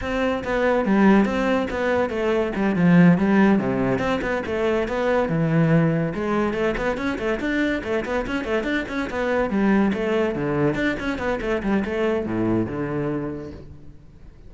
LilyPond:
\new Staff \with { instrumentName = "cello" } { \time 4/4 \tempo 4 = 142 c'4 b4 g4 c'4 | b4 a4 g8 f4 g8~ | g8 c4 c'8 b8 a4 b8~ | b8 e2 gis4 a8 |
b8 cis'8 a8 d'4 a8 b8 cis'8 | a8 d'8 cis'8 b4 g4 a8~ | a8 d4 d'8 cis'8 b8 a8 g8 | a4 a,4 d2 | }